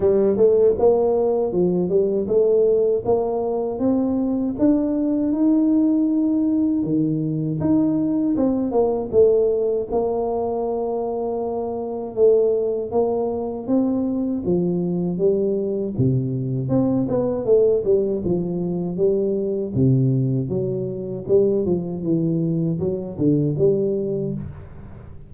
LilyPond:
\new Staff \with { instrumentName = "tuba" } { \time 4/4 \tempo 4 = 79 g8 a8 ais4 f8 g8 a4 | ais4 c'4 d'4 dis'4~ | dis'4 dis4 dis'4 c'8 ais8 | a4 ais2. |
a4 ais4 c'4 f4 | g4 c4 c'8 b8 a8 g8 | f4 g4 c4 fis4 | g8 f8 e4 fis8 d8 g4 | }